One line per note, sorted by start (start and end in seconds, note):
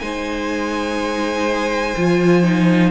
0.00 1.94 G#3
0.00 1.95 D#4
0.00 2.92 C5
0.00 2.90 G#5
1.97 2.92 F3
1.97 2.44 F4
2.44 2.92 D#4